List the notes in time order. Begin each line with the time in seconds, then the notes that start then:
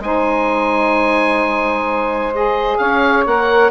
0.00 G#3 D#4 C5 G#5
2.34 G#4 D#5
2.78 C#4 C#5 F5
3.26 A#3 A#4 F#5